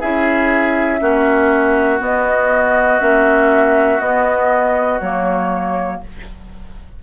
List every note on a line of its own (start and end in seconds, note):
0.00 1.00 C#4
0.00 1.00 E4
0.00 1.00 G#4
0.00 2.00 E5
1.00 2.00 A#3
1.00 1.99 C#4
1.00 6.01 F#4
1.99 2.99 B3
1.99 3.00 B3
1.99 3.00 D#5
2.99 4.00 A#3
2.99 3.99 C#4
2.99 4.00 E5
4.00 5.00 B3
4.00 5.00 D#5
5.00 6.01 F#3
5.00 6.03 A#3
5.00 6.00 C#5